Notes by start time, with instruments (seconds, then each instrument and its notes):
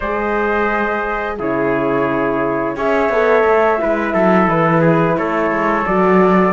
0.00 cello G#3, horn G#4, trumpet C5, flute D#5
1.39 cello C#3, horn E4, trumpet G#4, flute C#5
2.76 cello C#4, horn G#4, trumpet C#5, flute E5
3.09 cello B3, horn A4
3.44 cello A3
3.78 cello G#3, horn E4, trumpet B4
4.13 cello F#3, trumpet A4
4.47 cello E3, flute B4
4.81 trumpet G#4
5.17 cello A3, trumpet A4, flute C#5
5.50 cello G#3
5.86 cello F#3, horn F#4, flute D5